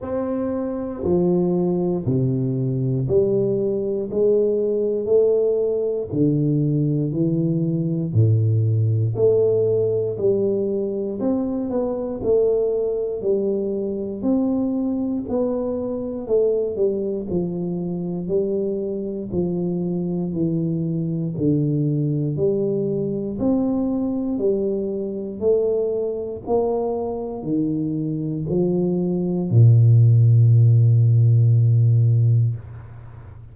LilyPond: \new Staff \with { instrumentName = "tuba" } { \time 4/4 \tempo 4 = 59 c'4 f4 c4 g4 | gis4 a4 d4 e4 | a,4 a4 g4 c'8 b8 | a4 g4 c'4 b4 |
a8 g8 f4 g4 f4 | e4 d4 g4 c'4 | g4 a4 ais4 dis4 | f4 ais,2. | }